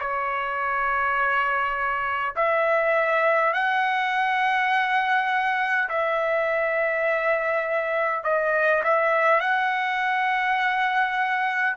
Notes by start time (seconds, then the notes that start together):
0.00 C#5
2.36 E5
3.53 F#5
5.89 E5
8.24 D#5
8.84 E5
9.41 F#5